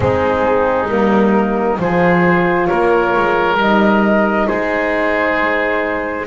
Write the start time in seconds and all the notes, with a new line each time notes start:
0.00 G#3 C4 D#4 G#4
0.88 G3 A#3 A#4
1.78 F3 F4 G#4 C5
2.66 A#3 A#4 C#5
3.16 G#3
3.57 G3 D#4 D#5
4.47 G#3 G#4 C5